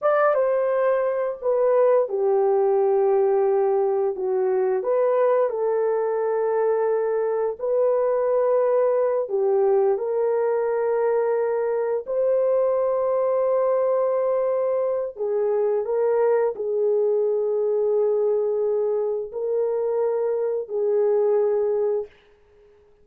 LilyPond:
\new Staff \with { instrumentName = "horn" } { \time 4/4 \tempo 4 = 87 d''8 c''4. b'4 g'4~ | g'2 fis'4 b'4 | a'2. b'4~ | b'4. g'4 ais'4.~ |
ais'4. c''2~ c''8~ | c''2 gis'4 ais'4 | gis'1 | ais'2 gis'2 | }